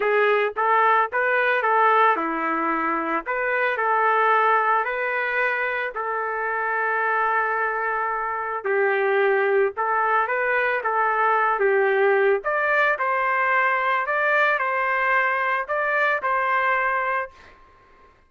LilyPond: \new Staff \with { instrumentName = "trumpet" } { \time 4/4 \tempo 4 = 111 gis'4 a'4 b'4 a'4 | e'2 b'4 a'4~ | a'4 b'2 a'4~ | a'1 |
g'2 a'4 b'4 | a'4. g'4. d''4 | c''2 d''4 c''4~ | c''4 d''4 c''2 | }